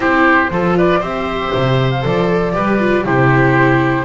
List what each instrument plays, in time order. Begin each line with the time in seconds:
0.00 double bass C4, viola E4, oboe G4, flute C5
0.50 double bass F3, viola F4, oboe A4
0.77 oboe B4, flute D5
0.99 double bass C4, viola G4, oboe C5, flute E5
1.54 double bass C3
1.90 flute F5
2.01 double bass F3, viola A4, flute D5
2.53 double bass G3, viola G4, oboe B4
2.79 viola F4
3.05 double bass C3, viola E4, oboe G4, flute C5